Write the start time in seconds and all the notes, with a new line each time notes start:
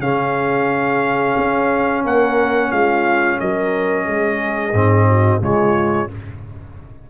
0.00 C#3 C#4 G#4 F5
1.37 C#4
2.04 A#3 A#4 F#5
2.71 G#3 F4 F5
3.40 F#3 A#4 D#5
4.05 G#3 G#4
4.73 G#2 C4
5.08 F#4
5.41 C#3 G#3 F4 C#5